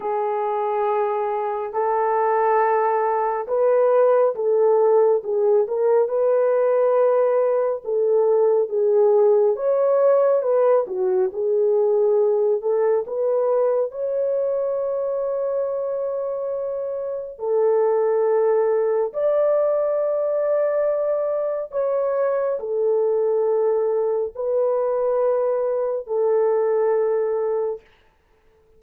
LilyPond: \new Staff \with { instrumentName = "horn" } { \time 4/4 \tempo 4 = 69 gis'2 a'2 | b'4 a'4 gis'8 ais'8 b'4~ | b'4 a'4 gis'4 cis''4 | b'8 fis'8 gis'4. a'8 b'4 |
cis''1 | a'2 d''2~ | d''4 cis''4 a'2 | b'2 a'2 | }